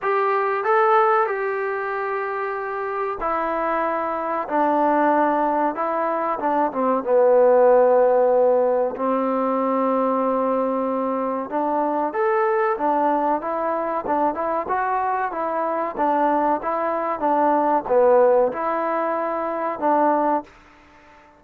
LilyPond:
\new Staff \with { instrumentName = "trombone" } { \time 4/4 \tempo 4 = 94 g'4 a'4 g'2~ | g'4 e'2 d'4~ | d'4 e'4 d'8 c'8 b4~ | b2 c'2~ |
c'2 d'4 a'4 | d'4 e'4 d'8 e'8 fis'4 | e'4 d'4 e'4 d'4 | b4 e'2 d'4 | }